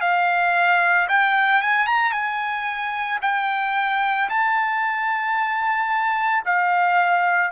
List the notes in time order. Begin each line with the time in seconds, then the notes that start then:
0.00 F5
1.08 G5
1.61 G#5
1.86 A#5
2.11 G#5
3.21 G5
4.29 A5
6.45 F5